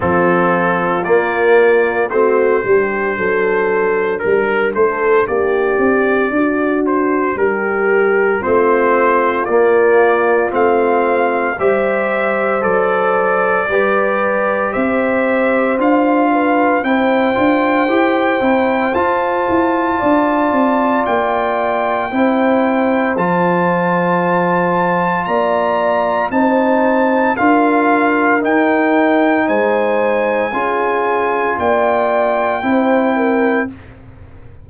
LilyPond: <<
  \new Staff \with { instrumentName = "trumpet" } { \time 4/4 \tempo 4 = 57 a'4 d''4 c''2 | ais'8 c''8 d''4. c''8 ais'4 | c''4 d''4 f''4 e''4 | d''2 e''4 f''4 |
g''2 a''2 | g''2 a''2 | ais''4 a''4 f''4 g''4 | gis''2 g''2 | }
  \new Staff \with { instrumentName = "horn" } { \time 4/4 f'2 fis'8 g'8 a'4 | ais'8 a'8 g'4 fis'4 g'4 | f'2. c''4~ | c''4 b'4 c''4. b'8 |
c''2. d''4~ | d''4 c''2. | d''4 c''4 ais'2 | c''4 gis'4 d''4 c''8 ais'8 | }
  \new Staff \with { instrumentName = "trombone" } { \time 4/4 c'4 ais4 c'8 d'4.~ | d'1 | c'4 ais4 c'4 g'4 | a'4 g'2 f'4 |
e'8 f'8 g'8 e'8 f'2~ | f'4 e'4 f'2~ | f'4 dis'4 f'4 dis'4~ | dis'4 f'2 e'4 | }
  \new Staff \with { instrumentName = "tuba" } { \time 4/4 f4 ais4 a8 g8 fis4 | g8 a8 ais8 c'8 d'4 g4 | a4 ais4 a4 g4 | fis4 g4 c'4 d'4 |
c'8 d'8 e'8 c'8 f'8 e'8 d'8 c'8 | ais4 c'4 f2 | ais4 c'4 d'4 dis'4 | gis4 cis'4 ais4 c'4 | }
>>